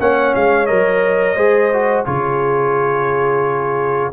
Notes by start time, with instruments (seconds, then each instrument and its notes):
0.00 tuba A#3, trombone C#4, horn C#5, trumpet F#5
0.35 tuba G#3, trumpet F5
0.67 tuba F#3, trombone A#4, trumpet D#5
1.36 tuba G#3, trombone G#4, horn C5
1.73 trombone F#4
2.05 tuba C#3, trombone F4, horn G#4, trumpet C#5